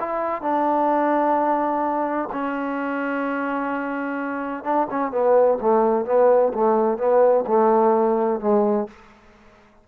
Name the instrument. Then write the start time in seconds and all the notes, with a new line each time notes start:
trombone
0.00 E4
0.42 D4
2.33 C#4
4.64 D4
4.91 C#4
5.12 B3
5.61 A3
6.06 B3
6.54 A3
6.98 B3
7.47 A3
8.41 G#3